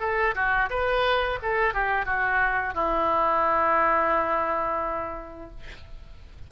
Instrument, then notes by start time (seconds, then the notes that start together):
oboe
0.00 A4
0.35 F#4
0.70 B4
1.42 A4
1.74 G4
2.06 F#4
2.74 E4